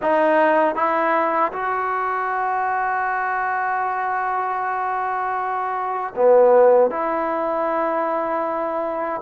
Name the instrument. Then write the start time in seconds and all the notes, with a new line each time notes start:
trombone
0.02 D#4
0.75 E4
1.52 F#4
6.15 B3
6.90 E4